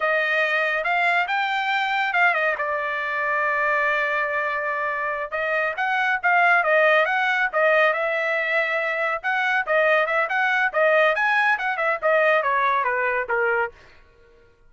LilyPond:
\new Staff \with { instrumentName = "trumpet" } { \time 4/4 \tempo 4 = 140 dis''2 f''4 g''4~ | g''4 f''8 dis''8 d''2~ | d''1~ | d''8 dis''4 fis''4 f''4 dis''8~ |
dis''8 fis''4 dis''4 e''4.~ | e''4. fis''4 dis''4 e''8 | fis''4 dis''4 gis''4 fis''8 e''8 | dis''4 cis''4 b'4 ais'4 | }